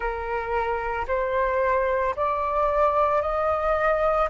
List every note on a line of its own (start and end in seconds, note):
0.00 1.06 A#4
1.07 2.14 C5
2.15 3.21 D5
3.21 4.29 D#5